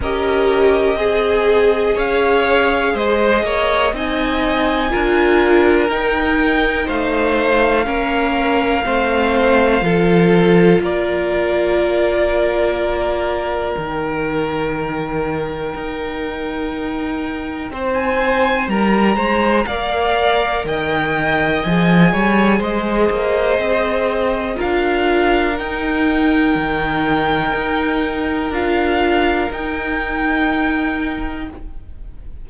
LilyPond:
<<
  \new Staff \with { instrumentName = "violin" } { \time 4/4 \tempo 4 = 61 dis''2 f''4 dis''4 | gis''2 g''4 f''4~ | f''2. d''4~ | d''2 g''2~ |
g''2~ g''16 gis''8. ais''4 | f''4 g''4 gis''4 dis''4~ | dis''4 f''4 g''2~ | g''4 f''4 g''2 | }
  \new Staff \with { instrumentName = "violin" } { \time 4/4 ais'4 gis'4 cis''4 c''8 cis''8 | dis''4 ais'2 c''4 | ais'4 c''4 a'4 ais'4~ | ais'1~ |
ais'2 c''4 ais'8 c''8 | d''4 dis''4. cis''8 c''4~ | c''4 ais'2.~ | ais'1 | }
  \new Staff \with { instrumentName = "viola" } { \time 4/4 g'4 gis'2. | dis'4 f'4 dis'2 | cis'4 c'4 f'2~ | f'2 dis'2~ |
dis'1 | ais'2 gis'2~ | gis'4 f'4 dis'2~ | dis'4 f'4 dis'2 | }
  \new Staff \with { instrumentName = "cello" } { \time 4/4 cis'4 c'4 cis'4 gis8 ais8 | c'4 d'4 dis'4 a4 | ais4 a4 f4 ais4~ | ais2 dis2 |
dis'2 c'4 g8 gis8 | ais4 dis4 f8 g8 gis8 ais8 | c'4 d'4 dis'4 dis4 | dis'4 d'4 dis'2 | }
>>